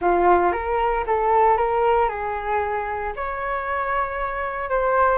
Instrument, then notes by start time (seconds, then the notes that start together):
flute
0.01 F4
0.52 A#4
1.06 A4
1.57 A#4
2.08 G#4
3.16 C#5
4.69 C5